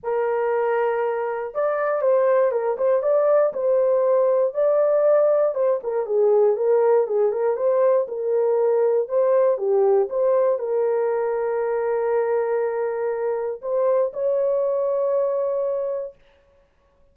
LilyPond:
\new Staff \with { instrumentName = "horn" } { \time 4/4 \tempo 4 = 119 ais'2. d''4 | c''4 ais'8 c''8 d''4 c''4~ | c''4 d''2 c''8 ais'8 | gis'4 ais'4 gis'8 ais'8 c''4 |
ais'2 c''4 g'4 | c''4 ais'2.~ | ais'2. c''4 | cis''1 | }